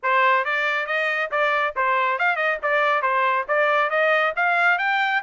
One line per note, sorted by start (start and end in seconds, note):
0.02 0.44 C5
0.44 0.86 D5
0.86 1.29 D#5
1.31 1.74 D5
1.76 2.18 C5
2.18 2.36 F5
2.36 2.58 D#5
2.62 3.02 D5
3.02 3.45 C5
3.48 3.90 D5
3.90 4.33 D#5
4.36 4.78 F5
4.78 5.22 G5